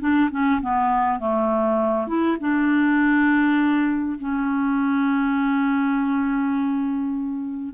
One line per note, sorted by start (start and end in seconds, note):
0.00 0.30 D4
0.31 0.61 C#4
0.61 1.20 B3
1.20 2.07 A3
2.07 2.37 E4
2.40 4.18 D4
4.19 7.74 C#4